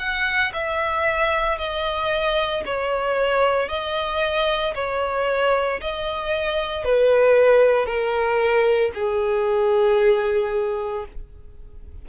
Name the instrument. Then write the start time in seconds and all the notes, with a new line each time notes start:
violin
0.00 F#5
0.54 E5
1.58 D#5
2.66 C#5
3.69 D#5
4.76 C#5
5.81 D#5
6.85 B4
7.87 A#4
8.95 G#4